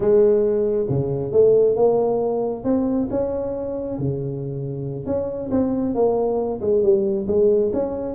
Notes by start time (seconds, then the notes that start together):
0.00 G#3
0.89 C#3
1.32 A3
1.75 A#3
2.64 C4
3.10 C#4
3.98 C#3
5.06 C#4
5.50 C4
5.94 A#3
6.61 G#3
6.82 G3
7.27 G#3
7.73 C#4